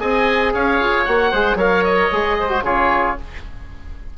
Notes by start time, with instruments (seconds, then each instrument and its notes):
0.00 bassoon C4, trombone G#4, oboe D#5 G#5
0.54 bassoon C#4, oboe C#5 F5
0.80 bassoon F4
1.05 bassoon A#3, trombone F#4, oboe F#5
1.31 bassoon G#3, trombone G#4, oboe C5
1.55 bassoon F#3, trombone A#4, oboe C#5 F5
1.84 oboe D#5
2.12 bassoon G#3, trombone G#4
2.40 oboe C5
2.49 trombone F#4
2.62 bassoon C#3, trombone F4, oboe G#4 C#5